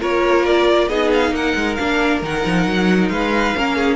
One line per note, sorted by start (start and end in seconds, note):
0.00 0.88 A#3
0.00 0.89 F4
0.00 0.89 A#4
0.00 0.46 C#5
0.46 0.89 D5
0.88 1.31 B3
0.88 1.78 D#4
0.88 1.33 G#4
0.88 1.11 D#5
1.14 1.35 F5
1.31 1.54 A#3
1.31 3.12 A#4
1.31 1.75 F#5
1.55 1.78 G#3
1.75 2.22 A#3
1.75 2.23 D4
1.75 2.20 F5
2.22 2.44 D#3
2.22 3.57 D#4
2.22 3.08 F#5
2.46 2.66 F3
2.66 3.10 F#3
3.08 3.54 G#3
3.08 3.57 B4
3.08 3.96 F5
3.57 3.96 A#3
3.57 3.96 C#4
3.57 3.76 A#4
3.76 3.96 G#4